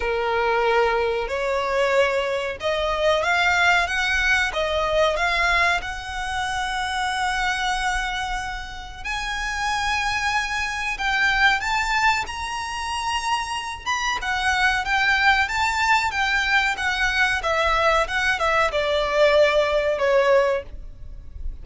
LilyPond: \new Staff \with { instrumentName = "violin" } { \time 4/4 \tempo 4 = 93 ais'2 cis''2 | dis''4 f''4 fis''4 dis''4 | f''4 fis''2.~ | fis''2 gis''2~ |
gis''4 g''4 a''4 ais''4~ | ais''4. b''8 fis''4 g''4 | a''4 g''4 fis''4 e''4 | fis''8 e''8 d''2 cis''4 | }